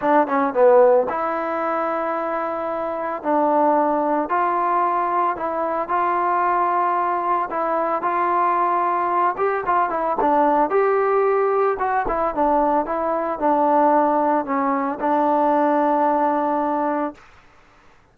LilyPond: \new Staff \with { instrumentName = "trombone" } { \time 4/4 \tempo 4 = 112 d'8 cis'8 b4 e'2~ | e'2 d'2 | f'2 e'4 f'4~ | f'2 e'4 f'4~ |
f'4. g'8 f'8 e'8 d'4 | g'2 fis'8 e'8 d'4 | e'4 d'2 cis'4 | d'1 | }